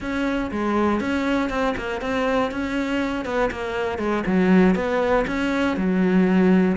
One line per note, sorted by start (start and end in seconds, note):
0.00 0.50 C#4
0.51 1.00 G#3
1.00 1.49 C#4
1.49 1.74 C4
1.76 2.01 A#3
2.01 2.51 C4
2.51 3.25 C#4
3.25 3.50 B3
3.51 3.98 A#3
3.98 4.23 G#3
4.26 4.75 F#3
4.75 5.25 B3
5.27 5.77 C#4
5.77 6.77 F#3